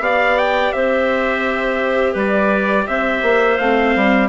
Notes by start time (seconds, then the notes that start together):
0.00 B3 G4 D5 F5
0.38 G5
0.72 C4 C5 E5
2.13 G3 B4 D5
2.87 C4 C5 E5
3.22 A#3
3.58 A3 C4 F5
3.96 G3